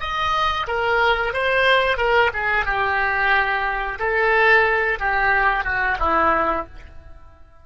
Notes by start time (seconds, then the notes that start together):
0.00 D#5
0.67 A#4
1.34 C5
1.98 A#4
2.33 G#4
2.65 G4
3.99 A4
4.99 G4
5.64 F#4
6.00 E4